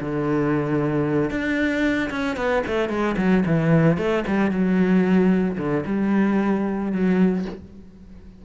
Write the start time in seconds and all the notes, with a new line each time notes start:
0.00 D3
1.30 D4
2.10 C#4
2.36 B3
2.66 A3
2.89 G#3
3.17 F#3
3.46 E3
3.97 A3
4.27 G3
4.50 F#3
5.57 D3
5.86 G3
6.92 F#3